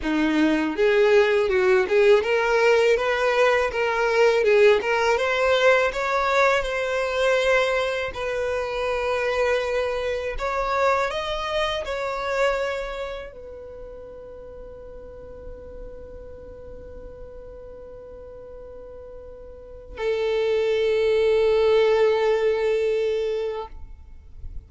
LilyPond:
\new Staff \with { instrumentName = "violin" } { \time 4/4 \tempo 4 = 81 dis'4 gis'4 fis'8 gis'8 ais'4 | b'4 ais'4 gis'8 ais'8 c''4 | cis''4 c''2 b'4~ | b'2 cis''4 dis''4 |
cis''2 b'2~ | b'1~ | b'2. a'4~ | a'1 | }